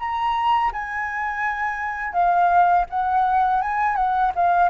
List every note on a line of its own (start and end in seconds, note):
0.00 0.72 A#5
0.73 2.13 G#5
2.13 2.86 F5
2.90 3.62 F#5
3.62 3.96 G#5
3.96 4.32 F#5
4.36 4.70 F5